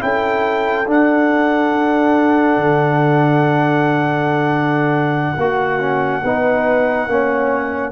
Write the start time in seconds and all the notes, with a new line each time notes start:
0.00 C#4 E4 A4 G5
0.87 D4 F#5
2.57 D3
5.37 A#3 F#4
5.80 C#4
6.24 B3 D#4 B4
7.07 A#3 C#4 C#5